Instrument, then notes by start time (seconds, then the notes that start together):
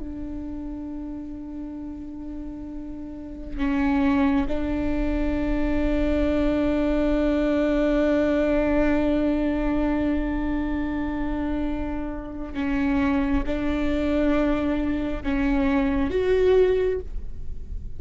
viola
0.00 D4
3.58 C#4
4.48 D4
12.54 C#4
13.47 D4
15.23 C#4
16.11 F#4